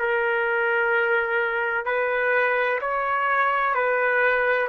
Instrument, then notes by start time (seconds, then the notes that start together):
trumpet
0.00 A#4
1.86 B4
2.81 C#5
3.75 B4